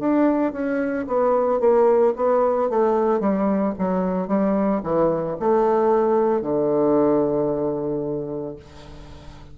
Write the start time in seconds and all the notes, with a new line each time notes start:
0.00 D4
0.53 C#4
1.07 B3
1.60 A#3
2.16 B3
2.70 A3
3.20 G3
3.78 F#3
4.28 G3
4.83 E3
5.40 A3
6.42 D3